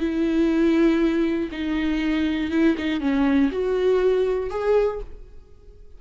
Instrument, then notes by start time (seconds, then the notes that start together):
viola
0.00 E4
1.52 D#4
2.51 E4
2.78 D#4
3.01 C#4
3.52 F#4
4.50 G#4